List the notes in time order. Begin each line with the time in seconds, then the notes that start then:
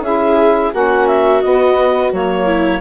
0.00 C#4 E4 G#4 E5
0.71 A#3 C#4 F#4 F#5
1.07 E5
1.42 B3 D#5
2.12 F#3 A#3 C#5
2.46 E4